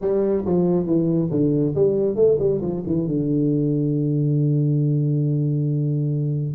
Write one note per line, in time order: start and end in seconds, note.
0.01 0.44 G3
0.45 0.86 F3
0.86 1.29 E3
1.30 1.74 D3
1.75 2.15 G3
2.15 2.37 A3
2.39 2.60 G3
2.61 2.83 F3
2.86 3.07 E3
3.07 6.55 D3